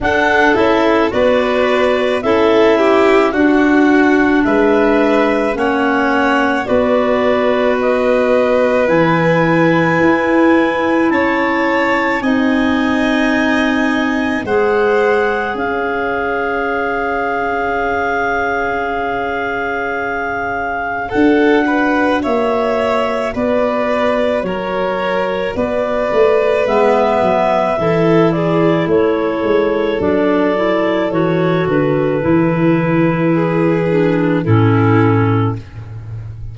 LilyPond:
<<
  \new Staff \with { instrumentName = "clarinet" } { \time 4/4 \tempo 4 = 54 fis''8 e''8 d''4 e''4 fis''4 | e''4 fis''4 d''4 dis''4 | gis''2 a''4 gis''4~ | gis''4 fis''4 f''2~ |
f''2. fis''4 | e''4 d''4 cis''4 d''4 | e''4. d''8 cis''4 d''4 | cis''8 b'2~ b'8 a'4 | }
  \new Staff \with { instrumentName = "violin" } { \time 4/4 a'4 b'4 a'8 g'8 fis'4 | b'4 cis''4 b'2~ | b'2 cis''4 dis''4~ | dis''4 c''4 cis''2~ |
cis''2. a'8 b'8 | cis''4 b'4 ais'4 b'4~ | b'4 a'8 gis'8 a'2~ | a'2 gis'4 e'4 | }
  \new Staff \with { instrumentName = "clarinet" } { \time 4/4 d'8 e'8 fis'4 e'4 d'4~ | d'4 cis'4 fis'2 | e'2. dis'4~ | dis'4 gis'2.~ |
gis'2. fis'4~ | fis'1 | b4 e'2 d'8 e'8 | fis'4 e'4. d'8 cis'4 | }
  \new Staff \with { instrumentName = "tuba" } { \time 4/4 d'8 cis'8 b4 cis'4 d'4 | gis4 ais4 b2 | e4 e'4 cis'4 c'4~ | c'4 gis4 cis'2~ |
cis'2. d'4 | ais4 b4 fis4 b8 a8 | gis8 fis8 e4 a8 gis8 fis4 | e8 d8 e2 a,4 | }
>>